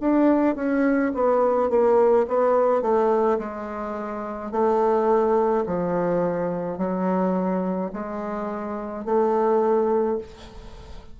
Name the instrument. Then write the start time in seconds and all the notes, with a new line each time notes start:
bassoon
0.00 D4
0.56 C#4
1.14 B3
1.69 A#3
2.27 B3
2.81 A3
3.39 G#3
4.51 A3
5.66 F3
6.78 F#3
7.92 G#3
9.05 A3